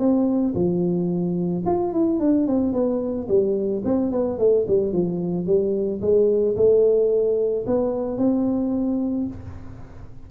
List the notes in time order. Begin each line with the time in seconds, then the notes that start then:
0.00 C4
0.55 F3
1.66 F4
1.94 E4
2.20 D4
2.47 C4
2.73 B3
3.29 G3
3.85 C4
4.12 B3
4.39 A3
4.68 G3
4.93 F3
5.47 G3
6.02 G#3
6.57 A3
7.67 B3
8.18 C4